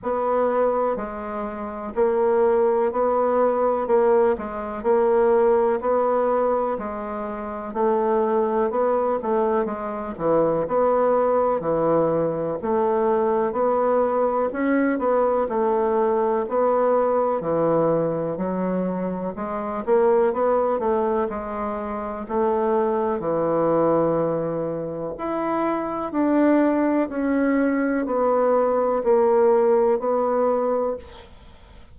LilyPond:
\new Staff \with { instrumentName = "bassoon" } { \time 4/4 \tempo 4 = 62 b4 gis4 ais4 b4 | ais8 gis8 ais4 b4 gis4 | a4 b8 a8 gis8 e8 b4 | e4 a4 b4 cis'8 b8 |
a4 b4 e4 fis4 | gis8 ais8 b8 a8 gis4 a4 | e2 e'4 d'4 | cis'4 b4 ais4 b4 | }